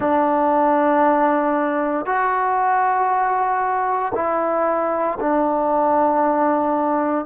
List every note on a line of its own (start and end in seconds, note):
0.00 2.05 D4
2.05 4.12 F#4
4.14 5.18 E4
5.20 7.25 D4